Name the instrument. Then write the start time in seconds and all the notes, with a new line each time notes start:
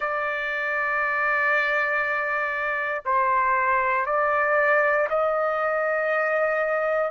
trumpet
0.00 D5
3.05 C5
4.06 D5
5.09 D#5